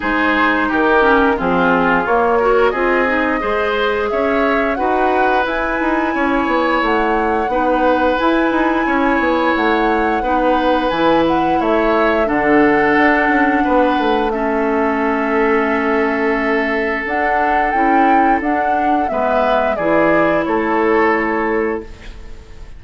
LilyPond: <<
  \new Staff \with { instrumentName = "flute" } { \time 4/4 \tempo 4 = 88 c''4 ais'4 gis'4 cis''4 | dis''2 e''4 fis''4 | gis''2 fis''2 | gis''2 fis''2 |
gis''8 fis''8 e''4 fis''2~ | fis''4 e''2.~ | e''4 fis''4 g''4 fis''4 | e''4 d''4 cis''2 | }
  \new Staff \with { instrumentName = "oboe" } { \time 4/4 gis'4 g'4 f'4. ais'8 | gis'4 c''4 cis''4 b'4~ | b'4 cis''2 b'4~ | b'4 cis''2 b'4~ |
b'4 cis''4 a'2 | b'4 a'2.~ | a'1 | b'4 gis'4 a'2 | }
  \new Staff \with { instrumentName = "clarinet" } { \time 4/4 dis'4. cis'8 c'4 ais8 fis'8 | f'8 dis'8 gis'2 fis'4 | e'2. dis'4 | e'2. dis'4 |
e'2 d'2~ | d'4 cis'2.~ | cis'4 d'4 e'4 d'4 | b4 e'2. | }
  \new Staff \with { instrumentName = "bassoon" } { \time 4/4 gis4 dis4 f4 ais4 | c'4 gis4 cis'4 dis'4 | e'8 dis'8 cis'8 b8 a4 b4 | e'8 dis'8 cis'8 b8 a4 b4 |
e4 a4 d4 d'8 cis'8 | b8 a2.~ a8~ | a4 d'4 cis'4 d'4 | gis4 e4 a2 | }
>>